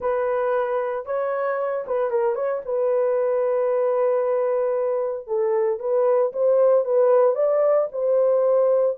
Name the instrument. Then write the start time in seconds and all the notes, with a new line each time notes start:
horn
0.00 B4
1.05 C#5
1.86 B4
2.10 A#4
2.35 C#5
2.65 B4
5.27 A4
5.79 B4
6.32 C5
6.84 B4
7.35 D5
7.92 C5